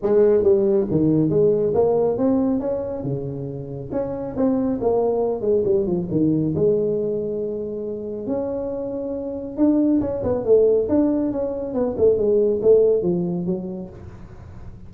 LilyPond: \new Staff \with { instrumentName = "tuba" } { \time 4/4 \tempo 4 = 138 gis4 g4 dis4 gis4 | ais4 c'4 cis'4 cis4~ | cis4 cis'4 c'4 ais4~ | ais8 gis8 g8 f8 dis4 gis4~ |
gis2. cis'4~ | cis'2 d'4 cis'8 b8 | a4 d'4 cis'4 b8 a8 | gis4 a4 f4 fis4 | }